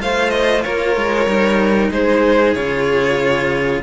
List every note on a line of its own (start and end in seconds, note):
0.00 0.65 A3
0.00 1.28 F4
0.00 0.65 C5
0.00 0.30 F5
0.30 0.62 D#5
0.63 0.97 A#3
0.63 1.91 A#4
0.63 1.91 C#5
0.97 1.27 G#3
1.27 1.91 G3
1.27 2.56 D#4
1.91 2.55 G#3
1.91 3.83 G#4
1.91 2.54 C5
2.54 3.83 C#3
2.54 3.84 F4
2.54 3.82 C#5